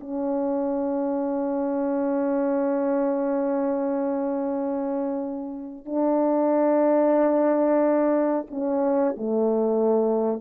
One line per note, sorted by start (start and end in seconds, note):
0.00 5.85 C#4
5.85 8.46 D4
8.50 9.15 C#4
9.17 10.40 A3